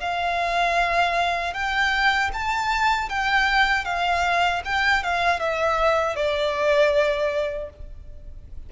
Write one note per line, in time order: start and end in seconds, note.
0.00 1.53 F5
1.53 2.30 G5
2.33 3.09 A5
3.09 3.85 G5
3.85 4.62 F5
4.65 5.03 G5
5.03 5.40 F5
5.40 6.16 E5
6.16 7.70 D5